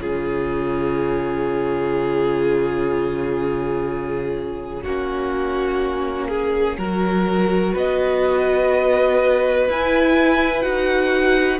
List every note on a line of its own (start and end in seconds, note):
0.00 4.84 C#3
0.00 4.84 F4
0.00 4.83 G#4
0.00 7.74 C#5
4.83 6.78 A#3
4.83 6.79 C#4
4.83 6.28 F#4
6.29 6.77 G#4
6.78 7.75 F#3
6.78 9.69 F#4
6.78 7.73 A#4
7.73 9.68 B3
7.73 11.60 B4
7.73 9.71 D#5
9.68 10.65 E4
9.68 10.62 E4
9.68 10.63 G#5
10.62 11.60 D#4
10.62 11.59 F#4
10.62 11.60 F#5